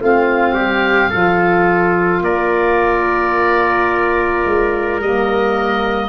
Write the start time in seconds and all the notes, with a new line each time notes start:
0.00 A3 C4 F4 F5
0.55 G3 G4
1.10 F3 F4 A4
2.22 A#3 A#4 D5
4.46 G#3
5.00 G3 A#3 D#5